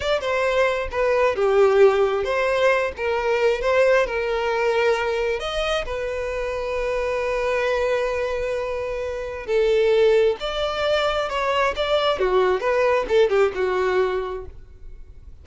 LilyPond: \new Staff \with { instrumentName = "violin" } { \time 4/4 \tempo 4 = 133 d''8 c''4. b'4 g'4~ | g'4 c''4. ais'4. | c''4 ais'2. | dis''4 b'2.~ |
b'1~ | b'4 a'2 d''4~ | d''4 cis''4 d''4 fis'4 | b'4 a'8 g'8 fis'2 | }